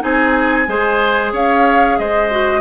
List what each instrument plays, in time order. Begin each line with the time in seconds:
0.00 bassoon C4, clarinet D#4, oboe G#4, flute G#5
0.68 bassoon G#3, clarinet G#4, oboe C5
1.32 bassoon C#4, oboe C#5, flute F5
1.99 bassoon G#3, oboe C5, flute D#5
2.31 clarinet F#4